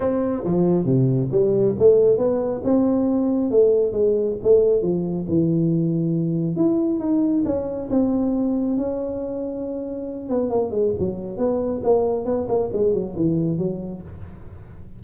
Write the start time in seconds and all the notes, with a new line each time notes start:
0.00 C4
0.44 F3
0.85 C3
1.31 G3
1.78 A3
2.17 B3
2.64 C4
3.50 A3
3.92 G#3
4.43 A3
4.82 F3
5.28 E3
6.56 E4
6.99 D#4
7.45 C#4
7.90 C4
8.77 C#4
10.29 B3
10.49 A#3
10.71 G#3
10.99 F#3
11.37 B3
11.83 A#3
12.25 B3
12.48 A#3
12.72 G#3
12.93 F#3
13.16 E3
13.58 F#3